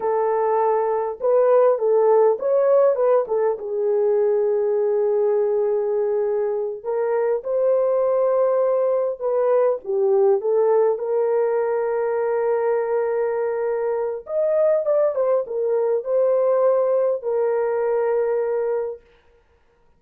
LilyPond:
\new Staff \with { instrumentName = "horn" } { \time 4/4 \tempo 4 = 101 a'2 b'4 a'4 | cis''4 b'8 a'8 gis'2~ | gis'2.~ gis'8 ais'8~ | ais'8 c''2. b'8~ |
b'8 g'4 a'4 ais'4.~ | ais'1 | dis''4 d''8 c''8 ais'4 c''4~ | c''4 ais'2. | }